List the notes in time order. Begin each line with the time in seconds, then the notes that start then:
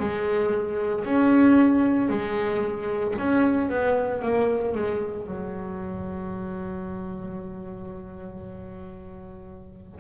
0.00 G#3
1.05 C#4
2.09 G#3
3.19 C#4
3.69 B3
4.22 A#3
4.75 G#3
5.27 F#3